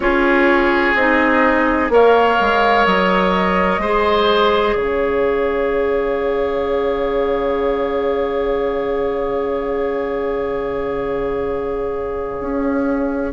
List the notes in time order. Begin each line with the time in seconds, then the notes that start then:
0.00 C#4 F4 G#4 C#5
0.94 C4 D#4 D#5
1.89 A#3 A#4 C#5 F5
2.40 G#3
2.86 F#3 D#5
3.78 G#3 G#4 C5
4.75 C#3 C#5 F5
12.39 C#4